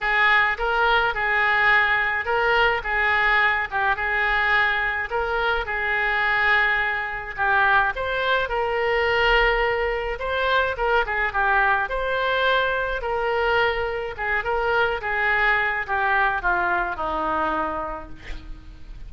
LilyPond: \new Staff \with { instrumentName = "oboe" } { \time 4/4 \tempo 4 = 106 gis'4 ais'4 gis'2 | ais'4 gis'4. g'8 gis'4~ | gis'4 ais'4 gis'2~ | gis'4 g'4 c''4 ais'4~ |
ais'2 c''4 ais'8 gis'8 | g'4 c''2 ais'4~ | ais'4 gis'8 ais'4 gis'4. | g'4 f'4 dis'2 | }